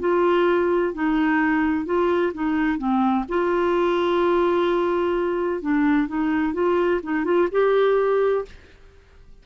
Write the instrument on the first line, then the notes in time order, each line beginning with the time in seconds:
clarinet
0.00 F4
0.94 D#4
1.86 F4
2.34 D#4
2.78 C4
3.29 F4
5.62 D4
6.08 D#4
6.54 F4
7.03 D#4
7.25 F4
7.51 G4